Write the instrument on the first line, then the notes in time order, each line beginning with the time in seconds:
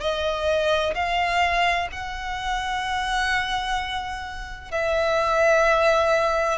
violin
0.00 D#5
0.94 F5
1.92 F#5
4.71 E5